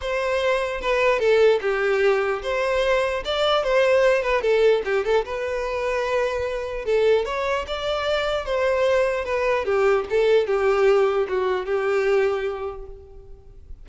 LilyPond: \new Staff \with { instrumentName = "violin" } { \time 4/4 \tempo 4 = 149 c''2 b'4 a'4 | g'2 c''2 | d''4 c''4. b'8 a'4 | g'8 a'8 b'2.~ |
b'4 a'4 cis''4 d''4~ | d''4 c''2 b'4 | g'4 a'4 g'2 | fis'4 g'2. | }